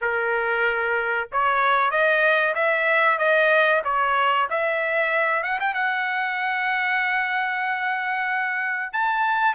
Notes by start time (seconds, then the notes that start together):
0.01 A#4
1.32 C#5
1.90 D#5
2.54 E5
3.18 D#5
3.84 C#5
4.50 E5
5.43 F#5
5.60 G5
5.73 F#5
8.92 A5